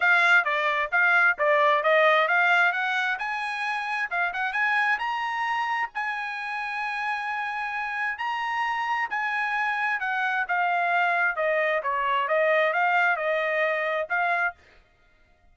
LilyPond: \new Staff \with { instrumentName = "trumpet" } { \time 4/4 \tempo 4 = 132 f''4 d''4 f''4 d''4 | dis''4 f''4 fis''4 gis''4~ | gis''4 f''8 fis''8 gis''4 ais''4~ | ais''4 gis''2.~ |
gis''2 ais''2 | gis''2 fis''4 f''4~ | f''4 dis''4 cis''4 dis''4 | f''4 dis''2 f''4 | }